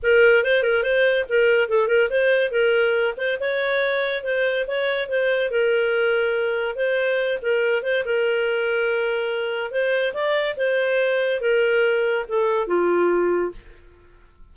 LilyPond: \new Staff \with { instrumentName = "clarinet" } { \time 4/4 \tempo 4 = 142 ais'4 c''8 ais'8 c''4 ais'4 | a'8 ais'8 c''4 ais'4. c''8 | cis''2 c''4 cis''4 | c''4 ais'2. |
c''4. ais'4 c''8 ais'4~ | ais'2. c''4 | d''4 c''2 ais'4~ | ais'4 a'4 f'2 | }